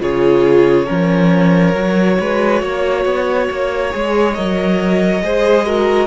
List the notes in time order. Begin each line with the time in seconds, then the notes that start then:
0.00 C#3 F4 G#4 C#5
0.86 F3 C#4 A#4
1.75 F#3 F#4
2.20 G#3 B4
2.62 A#3 C#5
3.06 B3
3.51 A#3
3.91 G#3 G#4
4.34 F#3 A#4 D#5
5.22 G#3 G#4 C5
5.66 F#4 A#4